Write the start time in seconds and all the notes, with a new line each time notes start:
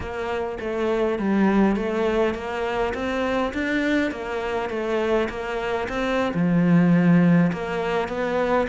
0.00 A#3
0.59 A3
1.18 G3
1.76 A3
2.34 A#3
2.94 C4
3.53 D4
4.11 A#3
4.69 A3
5.29 A#3
5.88 C4
6.34 F3
7.52 A#3
8.08 B3